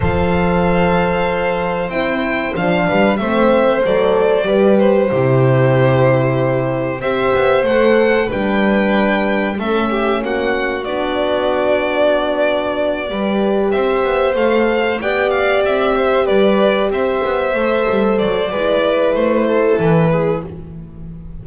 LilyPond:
<<
  \new Staff \with { instrumentName = "violin" } { \time 4/4 \tempo 4 = 94 f''2. g''4 | f''4 e''4 d''4. c''8~ | c''2. e''4 | fis''4 g''2 e''4 |
fis''4 d''2.~ | d''4. e''4 f''4 g''8 | f''8 e''4 d''4 e''4.~ | e''8 d''4. c''4 b'4 | }
  \new Staff \with { instrumentName = "violin" } { \time 4/4 c''1~ | c''8 b'8 c''2 b'4 | g'2. c''4~ | c''4 b'2 a'8 g'8 |
fis'1~ | fis'8 b'4 c''2 d''8~ | d''4 c''8 b'4 c''4.~ | c''4 b'4. a'4 gis'8 | }
  \new Staff \with { instrumentName = "horn" } { \time 4/4 a'2. e'4 | d'4 c'4 a'4 g'4 | e'2. g'4 | a'4 d'2 cis'4~ |
cis'4 d'2.~ | d'8 g'2 a'4 g'8~ | g'2.~ g'8 a'8~ | a'4 e'2. | }
  \new Staff \with { instrumentName = "double bass" } { \time 4/4 f2. c'4 | f8 g8 a4 fis4 g4 | c2. c'8 b8 | a4 g2 a4 |
ais4 b2.~ | b8 g4 c'8 b8 a4 b8~ | b8 c'4 g4 c'8 b8 a8 | g8 fis8 gis4 a4 e4 | }
>>